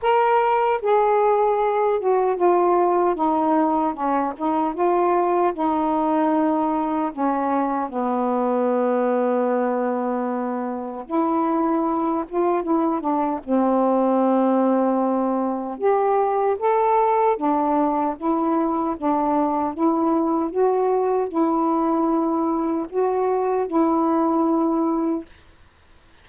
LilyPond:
\new Staff \with { instrumentName = "saxophone" } { \time 4/4 \tempo 4 = 76 ais'4 gis'4. fis'8 f'4 | dis'4 cis'8 dis'8 f'4 dis'4~ | dis'4 cis'4 b2~ | b2 e'4. f'8 |
e'8 d'8 c'2. | g'4 a'4 d'4 e'4 | d'4 e'4 fis'4 e'4~ | e'4 fis'4 e'2 | }